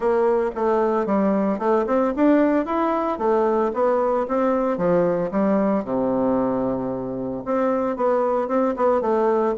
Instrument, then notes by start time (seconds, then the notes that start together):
bassoon
0.00 A#3
0.55 A3
1.06 G3
1.58 A3
1.87 C4
2.16 D4
2.65 E4
3.18 A3
3.73 B3
4.28 C4
4.77 F3
5.31 G3
5.84 C3
7.45 C4
7.96 B3
8.48 C4
8.76 B3
9.01 A3